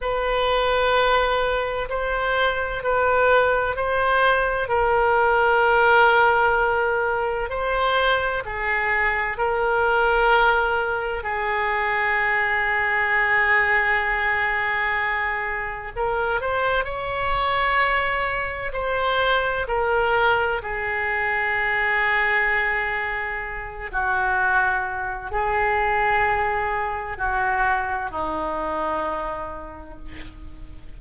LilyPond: \new Staff \with { instrumentName = "oboe" } { \time 4/4 \tempo 4 = 64 b'2 c''4 b'4 | c''4 ais'2. | c''4 gis'4 ais'2 | gis'1~ |
gis'4 ais'8 c''8 cis''2 | c''4 ais'4 gis'2~ | gis'4. fis'4. gis'4~ | gis'4 fis'4 dis'2 | }